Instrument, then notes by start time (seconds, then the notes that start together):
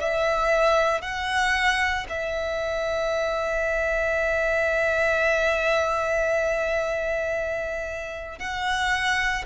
violin
0.00 E5
1.02 F#5
2.10 E5
8.40 F#5